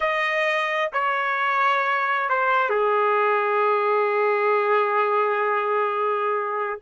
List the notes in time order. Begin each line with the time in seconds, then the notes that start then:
0.00 D#5
0.93 C#5
2.29 C5
2.69 G#4